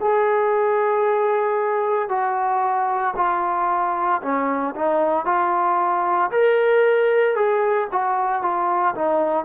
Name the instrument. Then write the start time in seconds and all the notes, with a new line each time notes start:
trombone
0.00 G#4
2.09 F#4
3.16 F4
4.22 C#4
4.75 D#4
5.25 F4
6.31 A#4
7.35 G#4
7.91 F#4
8.42 F4
8.95 D#4